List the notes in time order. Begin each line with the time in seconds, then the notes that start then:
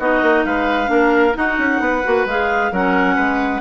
0.00 B3 D#4 F#4 D#5
0.22 A#3
0.45 G#3 B4 F5
0.86 A#3 D4
0.92 A#4
1.34 D#4 F#4 F#5
1.58 C#4
1.80 B3 B4
2.04 A#3 F#4
2.26 G#3 G#4 F5
2.72 F#3 C#4 A#4 F#5
3.16 G#3 B4